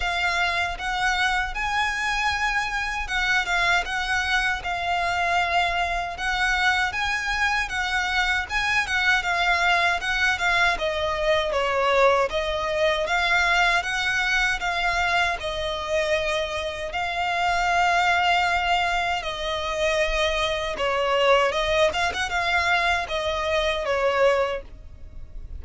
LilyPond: \new Staff \with { instrumentName = "violin" } { \time 4/4 \tempo 4 = 78 f''4 fis''4 gis''2 | fis''8 f''8 fis''4 f''2 | fis''4 gis''4 fis''4 gis''8 fis''8 | f''4 fis''8 f''8 dis''4 cis''4 |
dis''4 f''4 fis''4 f''4 | dis''2 f''2~ | f''4 dis''2 cis''4 | dis''8 f''16 fis''16 f''4 dis''4 cis''4 | }